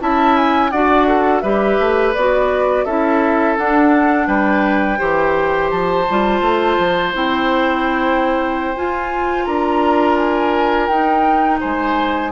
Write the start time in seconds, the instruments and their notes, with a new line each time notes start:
0.00 bassoon C#4, clarinet E4, oboe E5, flute A5
0.37 flute G#5
0.71 bassoon D4, clarinet F#4, oboe D5, flute F#5
1.08 oboe A4
1.41 bassoon G3, clarinet G4, oboe B4, flute E5
1.80 bassoon A3
2.15 bassoon B3, clarinet F#4, flute D5
2.85 bassoon C#4, clarinet E4, oboe A4, flute E5
3.58 bassoon D4, clarinet D4, flute F#5
4.28 bassoon G3, oboe B4, flute G5
4.98 bassoon E3, clarinet G4, oboe C5
5.71 bassoon F3, flute A5
6.10 bassoon G3, clarinet F4
6.42 bassoon A3
6.79 bassoon F3
7.14 bassoon C4, clarinet E4, flute G5
8.77 clarinet F4, bassoon F4, flute G#5
9.45 bassoon D4, oboe A#4, flute A#5
10.18 flute G#5
10.87 bassoon D#4, clarinet D#4, flute G5
11.61 bassoon G#3, oboe C5, flute G#5